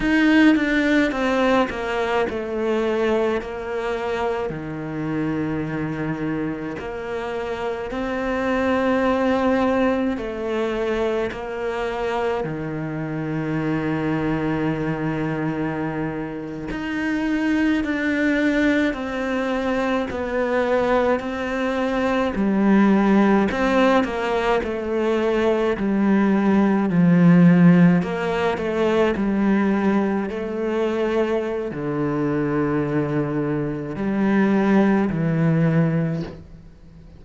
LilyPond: \new Staff \with { instrumentName = "cello" } { \time 4/4 \tempo 4 = 53 dis'8 d'8 c'8 ais8 a4 ais4 | dis2 ais4 c'4~ | c'4 a4 ais4 dis4~ | dis2~ dis8. dis'4 d'16~ |
d'8. c'4 b4 c'4 g16~ | g8. c'8 ais8 a4 g4 f16~ | f8. ais8 a8 g4 a4~ a16 | d2 g4 e4 | }